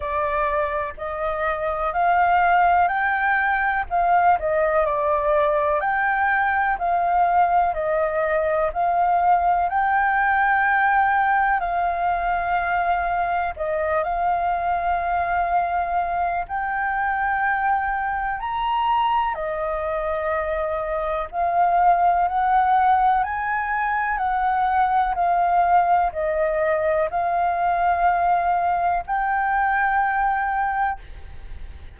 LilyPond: \new Staff \with { instrumentName = "flute" } { \time 4/4 \tempo 4 = 62 d''4 dis''4 f''4 g''4 | f''8 dis''8 d''4 g''4 f''4 | dis''4 f''4 g''2 | f''2 dis''8 f''4.~ |
f''4 g''2 ais''4 | dis''2 f''4 fis''4 | gis''4 fis''4 f''4 dis''4 | f''2 g''2 | }